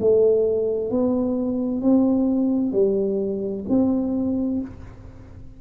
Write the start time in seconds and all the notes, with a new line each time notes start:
0.00 A3
0.91 B3
1.81 C4
2.72 G3
3.69 C4